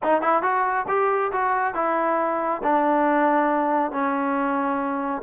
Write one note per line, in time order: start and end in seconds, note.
0.03 0.21 D#4
0.21 0.42 E4
0.42 0.86 F#4
0.88 1.31 G4
1.32 1.74 F#4
1.74 2.61 E4
2.63 3.91 D4
3.91 5.22 C#4